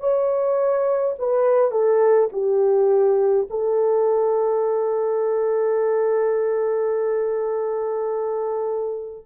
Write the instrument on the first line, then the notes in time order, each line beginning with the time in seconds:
horn
0.00 C#5
1.19 B4
1.72 A4
2.32 G4
3.50 A4